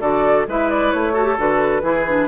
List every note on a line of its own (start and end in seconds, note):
0.00 0.46 D3
0.00 0.46 F#4
0.00 0.46 A4
0.00 0.46 D5
0.47 0.93 G#3
0.47 1.14 E4
0.47 1.13 B4
0.47 0.69 E5
0.69 0.92 D5
0.92 1.38 A3
0.92 1.38 C#5
1.13 1.24 F#4
1.13 1.82 A4
1.24 1.35 G4
1.37 1.82 D3
1.37 1.82 F#4
1.37 2.28 B4
1.82 2.28 E3
1.82 2.05 E4
1.82 2.28 G#4
2.08 2.28 D4